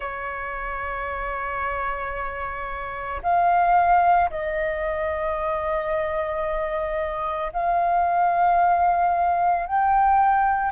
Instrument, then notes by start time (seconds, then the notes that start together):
flute
0.00 C#5
3.22 F5
4.30 D#5
7.52 F5
9.66 G5